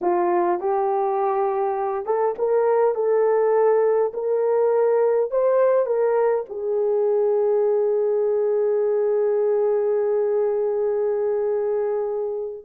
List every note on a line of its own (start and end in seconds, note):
0.01 0.60 F4
0.60 2.05 G4
2.05 2.34 A4
2.38 2.94 A#4
2.94 4.12 A4
4.13 5.30 A#4
5.30 5.86 C5
5.86 6.44 A#4
6.49 12.64 G#4